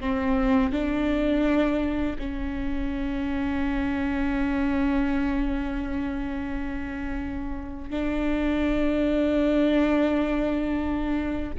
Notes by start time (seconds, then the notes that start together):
0.00 C4
0.72 D4
2.18 C#4
7.90 D4